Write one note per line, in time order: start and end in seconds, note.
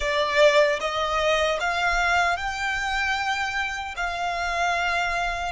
0.00 0.79 D5
0.80 1.59 D#5
1.60 2.36 F5
2.36 3.94 G5
3.96 5.52 F5